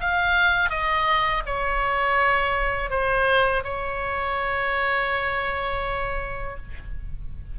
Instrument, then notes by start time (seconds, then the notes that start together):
oboe
0.00 F5
0.70 D#5
1.45 C#5
2.90 C5
3.64 C#5